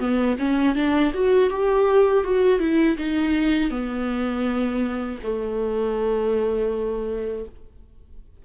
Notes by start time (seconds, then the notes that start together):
0.00 B3
0.39 C#4
0.75 D4
1.14 F#4
1.50 G4
2.24 F#4
2.60 E4
2.98 D#4
3.71 B3
5.23 A3